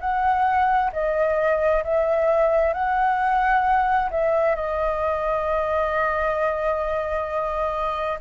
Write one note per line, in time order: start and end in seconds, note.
0.00 0.91 F#5
0.92 1.83 D#5
1.83 2.73 E5
2.73 4.10 F#5
4.10 4.55 E5
4.55 8.19 D#5